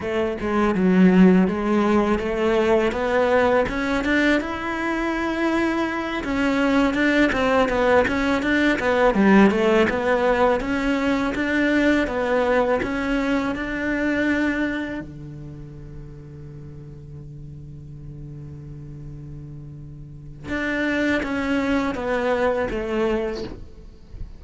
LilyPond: \new Staff \with { instrumentName = "cello" } { \time 4/4 \tempo 4 = 82 a8 gis8 fis4 gis4 a4 | b4 cis'8 d'8 e'2~ | e'8 cis'4 d'8 c'8 b8 cis'8 d'8 | b8 g8 a8 b4 cis'4 d'8~ |
d'8 b4 cis'4 d'4.~ | d'8 d2.~ d8~ | d1 | d'4 cis'4 b4 a4 | }